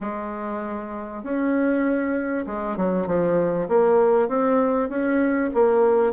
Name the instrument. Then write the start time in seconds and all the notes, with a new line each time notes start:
bassoon
0.00 G#3
1.23 C#4
2.46 G#3
2.76 F#3
3.06 F3
3.68 A#3
4.28 C4
4.89 C#4
5.54 A#3